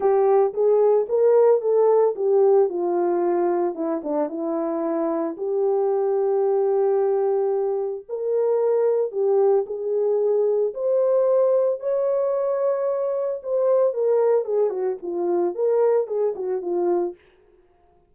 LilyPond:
\new Staff \with { instrumentName = "horn" } { \time 4/4 \tempo 4 = 112 g'4 gis'4 ais'4 a'4 | g'4 f'2 e'8 d'8 | e'2 g'2~ | g'2. ais'4~ |
ais'4 g'4 gis'2 | c''2 cis''2~ | cis''4 c''4 ais'4 gis'8 fis'8 | f'4 ais'4 gis'8 fis'8 f'4 | }